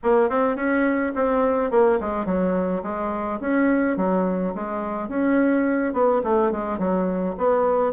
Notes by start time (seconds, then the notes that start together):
0.03 A#3
0.29 C4
0.56 C#4
1.15 C4
1.71 A#3
2.00 G#3
2.25 F#3
2.83 G#3
3.40 C#4
3.96 F#3
4.54 G#3
5.08 C#4
5.93 B3
6.23 A3
6.51 G#3
6.78 F#3
7.37 B3